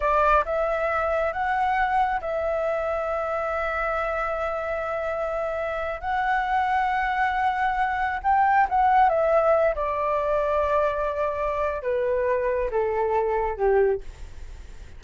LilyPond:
\new Staff \with { instrumentName = "flute" } { \time 4/4 \tempo 4 = 137 d''4 e''2 fis''4~ | fis''4 e''2.~ | e''1~ | e''4.~ e''16 fis''2~ fis''16~ |
fis''2~ fis''8. g''4 fis''16~ | fis''8. e''4. d''4.~ d''16~ | d''2. b'4~ | b'4 a'2 g'4 | }